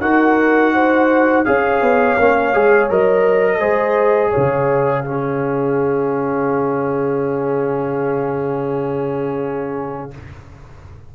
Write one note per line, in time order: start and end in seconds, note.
0.00 1.45 D#4
0.00 1.45 F#4
0.00 0.73 A#4
0.00 1.44 F#5
0.73 1.46 C5
1.44 1.81 C#4
1.44 2.17 G#4
1.44 3.59 C#5
1.44 2.89 F5
1.81 2.17 B3
2.18 2.54 A#3
2.18 2.53 C#4
2.53 2.90 G#3
2.53 2.89 G#4
2.89 3.59 F#3
2.89 3.59 A#4
2.89 4.32 D#5
3.59 4.31 G#3
3.59 5.04 G#4
3.59 4.30 C5
4.30 5.02 C#5
4.30 10.11 F5
4.36 10.15 C#3
5.04 10.10 C#4
5.04 10.15 G#4